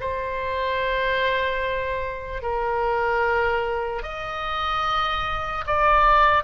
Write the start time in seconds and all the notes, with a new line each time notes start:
0.00 C5
2.43 A#4
4.02 D#5
5.67 D5